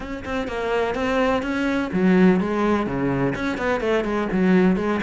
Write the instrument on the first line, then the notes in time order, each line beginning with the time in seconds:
cello
0.00 C#4
0.24 C4
0.47 A#3
0.95 C4
1.42 C#4
1.92 F#3
2.40 G#3
2.86 C#3
3.35 C#4
3.57 B3
3.80 A3
4.04 G#3
4.32 F#3
4.76 G#3